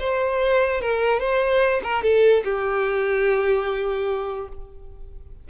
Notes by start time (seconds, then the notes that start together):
0.00 C5
0.82 A#4
1.20 C5
1.84 A#4
2.03 A4
2.45 G4